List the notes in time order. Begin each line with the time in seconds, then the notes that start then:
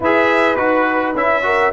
0.00 E4 G#4 B4 E5
0.56 D#4 F#4 B4
1.14 C#4 E4 E5
1.43 F#4 A#4